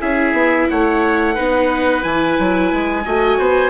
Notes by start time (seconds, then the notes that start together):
0.00 C#4 E4 G#4 E5
0.32 B3
0.70 A3 C#5 F#5
1.34 B3 D#4 B4
2.01 E3 E4 G#5
2.39 F#3
2.72 G#3
3.05 A3 F#4 D#5
3.38 B3 C5